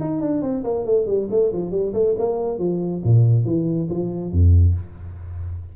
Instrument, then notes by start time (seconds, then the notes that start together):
tuba
0.00 D#4
0.21 D4
0.42 C4
0.63 A#3
0.85 A3
1.06 G3
1.30 A3
1.52 F3
1.71 G3
1.93 A3
2.18 A#3
2.58 F3
3.04 A#2
3.45 E3
3.90 F3
4.31 F2